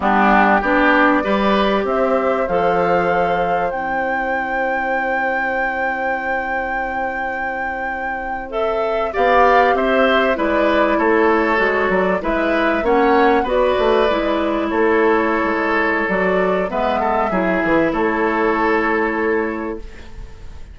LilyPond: <<
  \new Staff \with { instrumentName = "flute" } { \time 4/4 \tempo 4 = 97 g'4 d''2 e''4 | f''2 g''2~ | g''1~ | g''4.~ g''16 e''4 f''4 e''16~ |
e''8. d''4 cis''4. d''8 e''16~ | e''8. fis''4 d''2 cis''16~ | cis''2 d''4 e''4~ | e''4 cis''2. | }
  \new Staff \with { instrumentName = "oboe" } { \time 4/4 d'4 g'4 b'4 c''4~ | c''1~ | c''1~ | c''2~ c''8. d''4 c''16~ |
c''8. b'4 a'2 b'16~ | b'8. cis''4 b'2 a'16~ | a'2. b'8 a'8 | gis'4 a'2. | }
  \new Staff \with { instrumentName = "clarinet" } { \time 4/4 b4 d'4 g'2 | a'2 e'2~ | e'1~ | e'4.~ e'16 a'4 g'4~ g'16~ |
g'8. e'2 fis'4 e'16~ | e'8. cis'4 fis'4 e'4~ e'16~ | e'2 fis'4 b4 | e'1 | }
  \new Staff \with { instrumentName = "bassoon" } { \time 4/4 g4 b4 g4 c'4 | f2 c'2~ | c'1~ | c'2~ c'8. b4 c'16~ |
c'8. gis4 a4 gis8 fis8 gis16~ | gis8. ais4 b8 a8 gis4 a16~ | a4 gis4 fis4 gis4 | fis8 e8 a2. | }
>>